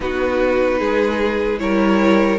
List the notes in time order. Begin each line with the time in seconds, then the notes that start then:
0.00 B3 D#4 F#4 B4
0.79 G#3 G#4
1.58 G3 E4 A#4 C#5